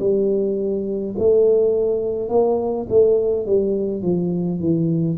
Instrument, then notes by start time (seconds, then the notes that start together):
tuba
0.00 G3
1.19 A3
2.29 A#3
2.90 A3
3.46 G3
4.03 F3
4.60 E3